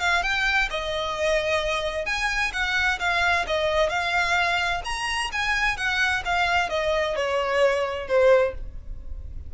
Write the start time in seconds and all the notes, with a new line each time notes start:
0.00 F5
0.23 G5
0.71 D#5
2.06 G#5
2.53 F#5
3.00 F5
3.47 D#5
3.90 F5
4.85 A#5
5.32 G#5
5.77 F#5
6.25 F5
6.70 D#5
7.16 C#5
8.08 C5